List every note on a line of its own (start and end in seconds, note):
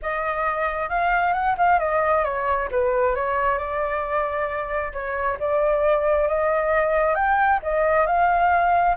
0.02 0.89 D#5
0.89 1.33 F5
1.33 1.55 F#5
1.57 1.79 F5
1.79 2.23 D#5
2.24 2.68 C#5
2.71 3.15 B4
3.15 3.58 C#5
3.58 4.92 D5
4.93 5.37 C#5
5.39 6.27 D5
6.27 7.14 D#5
7.14 7.59 G5
7.62 8.06 D#5
8.06 8.96 F5